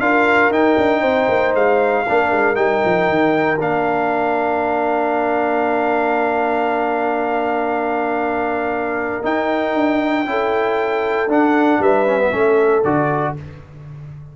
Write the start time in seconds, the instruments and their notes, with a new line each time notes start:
0.00 tuba D4, trombone F4, horn A#4, trumpet F5
0.50 tuba D#4, trombone D#4, trumpet G5
0.78 tuba D4
1.01 tuba C4, horn C5
1.29 tuba A#3
1.54 tuba G#3, trumpet F5
2.07 tuba A#3, trombone D4, horn A#4
2.32 tuba G#3
2.55 tuba G3, trombone D#4, trumpet G5
2.85 tuba F3
3.09 tuba D#3
3.60 tuba A#3, trombone D4, trumpet F5
9.23 trombone D#4, tuba D#4, trumpet G5
9.75 tuba D4
10.26 tuba C#4, trombone E4, horn A4
11.28 tuba D4, trombone D4, trumpet F#5
11.79 tuba G3, horn B4, trumpet E5
12.07 trombone C#4
12.20 trombone B3
12.31 tuba A3, trombone C#4, horn A4
12.84 tuba D3, trombone F#4, trumpet D5